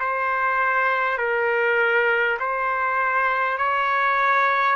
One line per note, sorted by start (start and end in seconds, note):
0.00 1.18 C5
1.18 2.38 A#4
2.39 3.58 C5
3.58 4.76 C#5